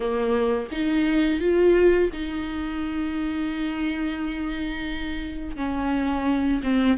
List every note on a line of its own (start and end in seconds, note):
0.00 0.67 A#3
0.71 1.40 D#4
1.40 2.10 F4
2.12 5.56 D#4
5.56 6.61 C#4
6.63 6.97 C4